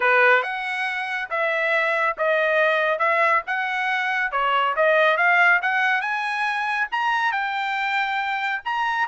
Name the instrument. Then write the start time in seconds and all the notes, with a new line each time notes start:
trumpet
0.00 B4
0.42 F#5
1.29 E5
2.17 D#5
2.99 E5
3.46 F#5
4.31 C#5
4.76 D#5
5.17 F5
5.62 F#5
6.01 G#5
6.91 A#5
7.32 G5
8.64 A#5